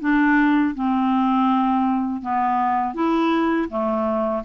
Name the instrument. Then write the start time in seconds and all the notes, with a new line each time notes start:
clarinet
0.00 D4
0.74 C4
2.22 B3
2.94 E4
3.69 A3